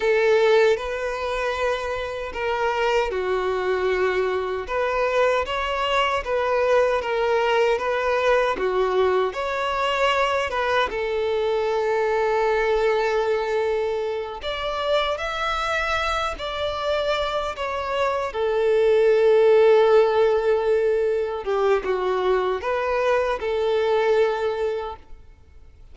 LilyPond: \new Staff \with { instrumentName = "violin" } { \time 4/4 \tempo 4 = 77 a'4 b'2 ais'4 | fis'2 b'4 cis''4 | b'4 ais'4 b'4 fis'4 | cis''4. b'8 a'2~ |
a'2~ a'8 d''4 e''8~ | e''4 d''4. cis''4 a'8~ | a'2.~ a'8 g'8 | fis'4 b'4 a'2 | }